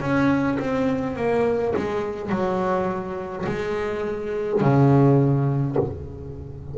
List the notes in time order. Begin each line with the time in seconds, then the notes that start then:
0.00 C#4
0.59 C4
1.16 A#3
1.76 G#3
2.29 F#3
3.46 G#3
4.60 C#3